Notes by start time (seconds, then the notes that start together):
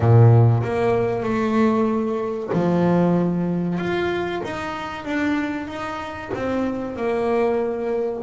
0.00 A#2
0.63 A#3
1.23 A3
2.53 F3
3.78 F4
4.44 D#4
5.04 D4
5.67 D#4
6.34 C4
6.96 A#3